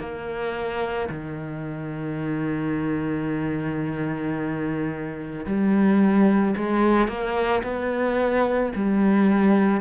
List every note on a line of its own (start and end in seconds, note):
0.00 1.09 A#3
1.10 5.46 D#3
5.46 6.56 G3
6.57 7.08 G#3
7.08 7.63 A#3
7.64 8.73 B3
8.76 9.81 G3